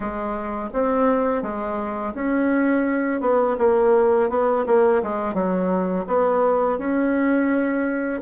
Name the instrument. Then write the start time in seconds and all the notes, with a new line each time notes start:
bassoon
0.00 G#3
0.73 C4
1.42 G#3
2.14 C#4
3.20 B3
3.57 A#3
4.29 B3
4.66 A#3
5.02 G#3
5.33 F#3
6.07 B3
6.78 C#4